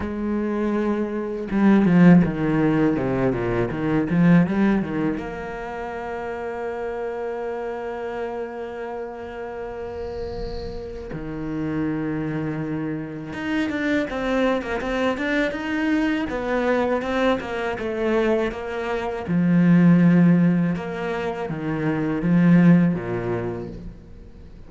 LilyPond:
\new Staff \with { instrumentName = "cello" } { \time 4/4 \tempo 4 = 81 gis2 g8 f8 dis4 | c8 ais,8 dis8 f8 g8 dis8 ais4~ | ais1~ | ais2. dis4~ |
dis2 dis'8 d'8 c'8. ais16 | c'8 d'8 dis'4 b4 c'8 ais8 | a4 ais4 f2 | ais4 dis4 f4 ais,4 | }